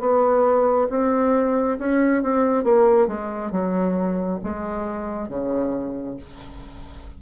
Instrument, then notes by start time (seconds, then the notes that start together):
bassoon
0.00 B3
0.90 C4
1.79 C#4
2.23 C4
2.64 A#3
3.08 G#3
3.52 F#3
4.44 G#3
5.29 C#3